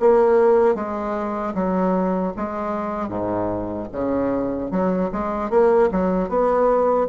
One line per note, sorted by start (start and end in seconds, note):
0.00 0.75 A#3
0.75 1.54 G#3
1.54 2.33 F#3
2.36 3.09 G#3
3.09 3.88 G#2
3.92 4.71 C#3
4.71 5.10 F#3
5.12 5.50 G#3
5.50 5.90 A#3
5.92 6.29 F#3
6.29 7.08 B3